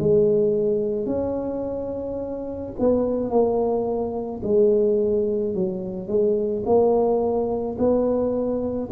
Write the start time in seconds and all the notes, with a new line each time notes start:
0.00 G#3
1.07 C#4
2.80 B3
3.30 A#3
4.43 G#3
5.55 F#3
6.08 G#3
6.66 A#3
7.79 B3